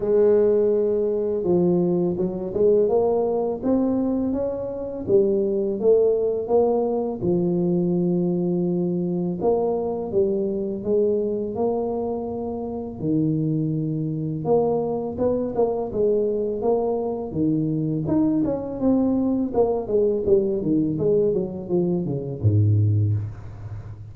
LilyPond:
\new Staff \with { instrumentName = "tuba" } { \time 4/4 \tempo 4 = 83 gis2 f4 fis8 gis8 | ais4 c'4 cis'4 g4 | a4 ais4 f2~ | f4 ais4 g4 gis4 |
ais2 dis2 | ais4 b8 ais8 gis4 ais4 | dis4 dis'8 cis'8 c'4 ais8 gis8 | g8 dis8 gis8 fis8 f8 cis8 gis,4 | }